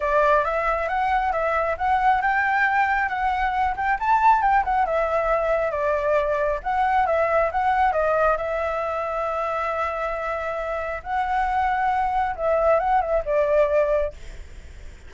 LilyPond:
\new Staff \with { instrumentName = "flute" } { \time 4/4 \tempo 4 = 136 d''4 e''4 fis''4 e''4 | fis''4 g''2 fis''4~ | fis''8 g''8 a''4 g''8 fis''8 e''4~ | e''4 d''2 fis''4 |
e''4 fis''4 dis''4 e''4~ | e''1~ | e''4 fis''2. | e''4 fis''8 e''8 d''2 | }